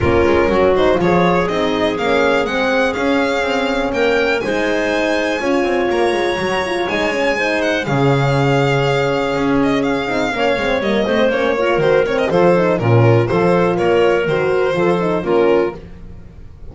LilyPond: <<
  \new Staff \with { instrumentName = "violin" } { \time 4/4 \tempo 4 = 122 ais'4. c''8 cis''4 dis''4 | f''4 fis''4 f''2 | g''4 gis''2. | ais''2 gis''4. fis''8 |
f''2.~ f''8 dis''8 | f''2 dis''4 cis''4 | c''8 cis''16 dis''16 c''4 ais'4 c''4 | cis''4 c''2 ais'4 | }
  \new Staff \with { instrumentName = "clarinet" } { \time 4/4 f'4 fis'4 gis'2~ | gis'1 | ais'4 c''2 cis''4~ | cis''2. c''4 |
gis'1~ | gis'4 cis''4. c''4 ais'8~ | ais'4 a'4 f'4 a'4 | ais'2 a'4 f'4 | }
  \new Staff \with { instrumentName = "horn" } { \time 4/4 cis'4. dis'8 f'4 dis'4 | cis'4 c'4 cis'2~ | cis'4 dis'2 f'4~ | f'4 fis'8 f'8 dis'8 cis'8 dis'4 |
cis'1~ | cis'8 dis'8 cis'8 c'8 ais8 c'8 cis'8 f'8 | fis'8 c'8 f'8 dis'8 cis'4 f'4~ | f'4 fis'4 f'8 dis'8 cis'4 | }
  \new Staff \with { instrumentName = "double bass" } { \time 4/4 ais8 gis8 fis4 f4 c'4 | ais4 gis4 cis'4 c'4 | ais4 gis2 cis'8 c'8 | ais8 gis8 fis4 gis2 |
cis2. cis'4~ | cis'8 c'8 ais8 gis8 g8 a8 ais4 | dis4 f4 ais,4 f4 | ais4 dis4 f4 ais4 | }
>>